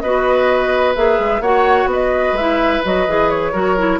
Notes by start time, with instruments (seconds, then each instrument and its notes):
0.00 bassoon B3, clarinet F#4, oboe B4, flute D#5
0.95 bassoon A#3, clarinet G#4, flute E5
1.19 bassoon G#3
1.40 bassoon A#3, clarinet F#4, oboe C#5, flute F#5
1.85 bassoon B3
1.92 oboe B4, flute D#5
2.32 bassoon G#3, flute E5
2.38 clarinet E4
2.84 bassoon F#3, clarinet F#4, flute D#5
3.07 bassoon E3, clarinet G#4
3.29 flute C#5
3.52 bassoon F#3, clarinet F#4, oboe A#4
3.77 clarinet E4